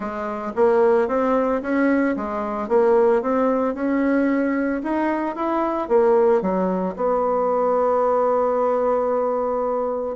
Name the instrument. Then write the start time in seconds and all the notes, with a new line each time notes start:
bassoon
0.00 G#3
0.55 A#3
1.08 C4
1.61 C#4
2.16 G#3
2.68 A#3
3.22 C4
3.74 C#4
4.83 D#4
5.35 E4
5.88 A#3
6.41 F#3
6.96 B3